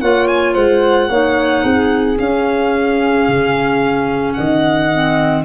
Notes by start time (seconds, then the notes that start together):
0.00 A#3 F4 C#5 F#5
0.27 G#5
0.54 G#3 C5 F#5
1.09 A#3 D#4 C#5
1.63 C4 G#4
2.17 C#4 F5
3.27 C#3
4.33 D#3 D#5 F#5
4.93 C4